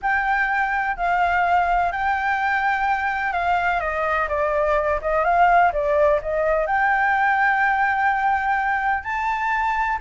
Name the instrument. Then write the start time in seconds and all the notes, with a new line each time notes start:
flute
0.02 G5
0.97 F5
1.92 G5
3.32 F5
3.80 D#5
4.28 D5
5.01 D#5
5.24 F5
5.72 D5
6.22 D#5
6.66 G5
9.03 A5